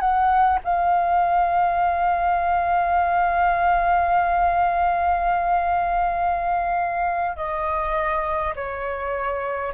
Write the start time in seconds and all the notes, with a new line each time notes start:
0.00 F#5
0.64 F5
7.36 D#5
8.56 C#5